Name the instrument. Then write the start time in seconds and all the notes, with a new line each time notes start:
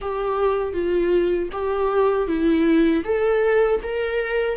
viola
0.01 G4
0.73 F4
1.52 G4
2.27 E4
3.04 A4
3.83 A#4